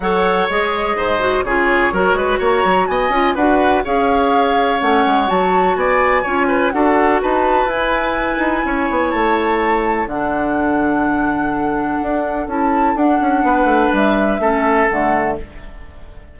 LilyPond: <<
  \new Staff \with { instrumentName = "flute" } { \time 4/4 \tempo 4 = 125 fis''4 dis''2 cis''4~ | cis''4 ais''4 gis''4 fis''4 | f''2 fis''4 a''4 | gis''2 fis''4 a''4 |
gis''2. a''4~ | a''4 fis''2.~ | fis''2 a''4 fis''4~ | fis''4 e''2 fis''4 | }
  \new Staff \with { instrumentName = "oboe" } { \time 4/4 cis''2 c''4 gis'4 | ais'8 b'8 cis''4 dis''4 b'4 | cis''1 | d''4 cis''8 b'8 a'4 b'4~ |
b'2 cis''2~ | cis''4 a'2.~ | a'1 | b'2 a'2 | }
  \new Staff \with { instrumentName = "clarinet" } { \time 4/4 a'4 gis'4. fis'8 f'4 | fis'2~ fis'8 f'8 fis'4 | gis'2 cis'4 fis'4~ | fis'4 f'4 fis'2 |
e'1~ | e'4 d'2.~ | d'2 e'4 d'4~ | d'2 cis'4 a4 | }
  \new Staff \with { instrumentName = "bassoon" } { \time 4/4 fis4 gis4 gis,4 cis4 | fis8 gis8 ais8 fis8 b8 cis'8 d'4 | cis'2 a8 gis8 fis4 | b4 cis'4 d'4 dis'4 |
e'4. dis'8 cis'8 b8 a4~ | a4 d2.~ | d4 d'4 cis'4 d'8 cis'8 | b8 a8 g4 a4 d4 | }
>>